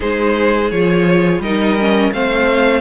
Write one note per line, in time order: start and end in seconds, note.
0.00 0.71 G#3
0.00 0.71 D#4
0.00 1.41 G#4
0.00 0.70 C5
0.70 1.39 F3
0.70 1.44 F4
0.70 1.41 C#5
1.39 2.10 G3
1.39 1.79 D#4
1.39 2.13 A#4
1.39 2.12 D#5
1.79 2.13 C#4
2.12 2.81 A3
2.12 2.81 C4
2.12 2.81 C5
2.12 2.81 F5